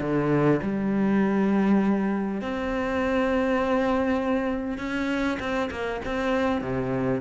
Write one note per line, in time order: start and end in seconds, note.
0.00 0.60 D3
0.62 2.41 G3
2.41 4.78 C4
4.78 5.38 C#4
5.39 5.69 C4
5.70 6.00 A#3
6.04 6.61 C4
6.61 7.20 C3